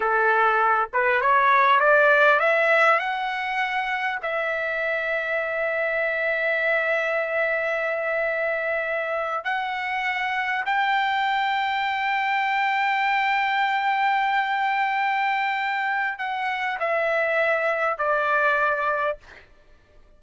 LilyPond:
\new Staff \with { instrumentName = "trumpet" } { \time 4/4 \tempo 4 = 100 a'4. b'8 cis''4 d''4 | e''4 fis''2 e''4~ | e''1~ | e''2.~ e''8. fis''16~ |
fis''4.~ fis''16 g''2~ g''16~ | g''1~ | g''2. fis''4 | e''2 d''2 | }